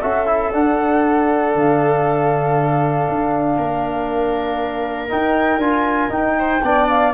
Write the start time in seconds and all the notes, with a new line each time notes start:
0.00 C#4 F#4 A4 E5
0.26 E4
0.52 D4 F#5
1.54 D3 F5
3.08 D4
3.57 A#3 A#4
5.09 D#4 G5
5.58 D4 F4 G#5
6.09 D#4 G5
6.38 C5
6.63 B3 D4 D5
6.88 F5